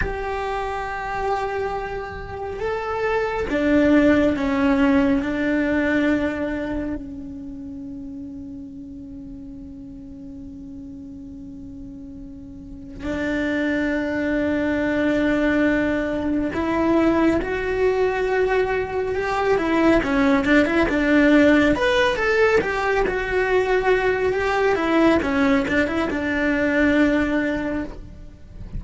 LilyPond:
\new Staff \with { instrumentName = "cello" } { \time 4/4 \tempo 4 = 69 g'2. a'4 | d'4 cis'4 d'2 | cis'1~ | cis'2. d'4~ |
d'2. e'4 | fis'2 g'8 e'8 cis'8 d'16 e'16 | d'4 b'8 a'8 g'8 fis'4. | g'8 e'8 cis'8 d'16 e'16 d'2 | }